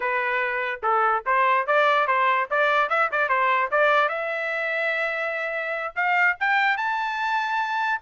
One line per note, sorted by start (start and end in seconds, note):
0.00 0.80 B4
0.82 1.23 A4
1.26 1.66 C5
1.66 2.07 D5
2.07 2.48 C5
2.50 2.89 D5
2.89 3.10 E5
3.11 3.28 D5
3.28 3.69 C5
3.71 4.09 D5
4.09 5.93 E5
5.95 6.36 F5
6.40 6.77 G5
6.77 8.00 A5